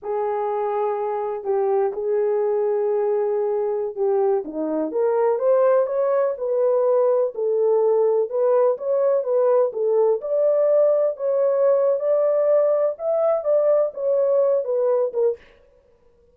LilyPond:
\new Staff \with { instrumentName = "horn" } { \time 4/4 \tempo 4 = 125 gis'2. g'4 | gis'1~ | gis'16 g'4 dis'4 ais'4 c''8.~ | c''16 cis''4 b'2 a'8.~ |
a'4~ a'16 b'4 cis''4 b'8.~ | b'16 a'4 d''2 cis''8.~ | cis''4 d''2 e''4 | d''4 cis''4. b'4 ais'8 | }